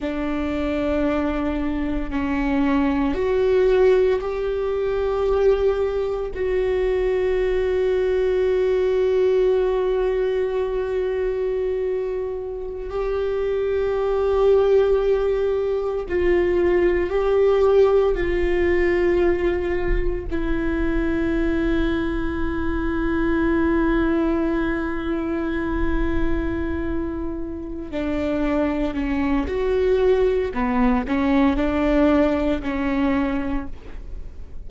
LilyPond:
\new Staff \with { instrumentName = "viola" } { \time 4/4 \tempo 4 = 57 d'2 cis'4 fis'4 | g'2 fis'2~ | fis'1~ | fis'16 g'2. f'8.~ |
f'16 g'4 f'2 e'8.~ | e'1~ | e'2~ e'8 d'4 cis'8 | fis'4 b8 cis'8 d'4 cis'4 | }